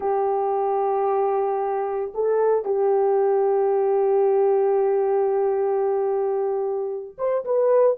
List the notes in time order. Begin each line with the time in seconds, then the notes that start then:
0.00 G4
2.14 A4
2.65 G4
7.18 C5
7.44 B4